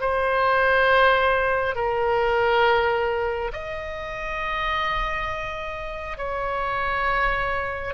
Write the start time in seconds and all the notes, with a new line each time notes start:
0.00 C5
1.75 A#4
3.53 D#5
6.18 C#5